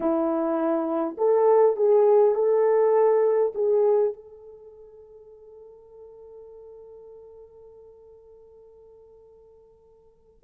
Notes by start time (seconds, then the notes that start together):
0.00 E4
1.17 A4
1.76 G#4
2.34 A4
3.55 G#4
4.13 A4